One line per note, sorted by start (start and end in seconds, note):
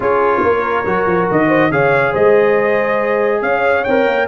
0.00 0.42 C#4
0.00 0.85 F4
0.00 0.42 G#4
0.00 1.30 C#5
0.42 0.85 A#3
0.42 1.47 A#4
0.85 1.06 F#3
0.85 1.71 F#4
1.06 1.28 F3
1.31 1.71 D#3
1.31 1.71 D#5
1.47 1.69 C5
1.71 2.13 C#3
1.71 3.86 G#4
1.71 2.12 C#5
1.71 2.14 F5
2.12 3.41 G#3
2.12 3.40 C5
2.12 3.42 D#5
3.41 3.84 C#4
3.41 4.28 C#5
3.41 3.83 F5
3.83 4.07 C4
3.83 4.28 A#4
3.83 4.26 G5
4.07 4.28 A#3